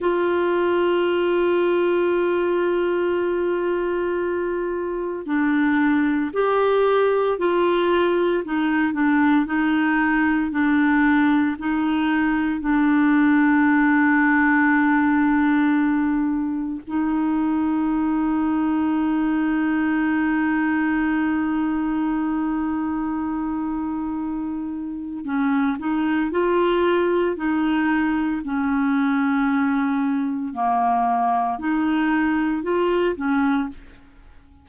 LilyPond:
\new Staff \with { instrumentName = "clarinet" } { \time 4/4 \tempo 4 = 57 f'1~ | f'4 d'4 g'4 f'4 | dis'8 d'8 dis'4 d'4 dis'4 | d'1 |
dis'1~ | dis'1 | cis'8 dis'8 f'4 dis'4 cis'4~ | cis'4 ais4 dis'4 f'8 cis'8 | }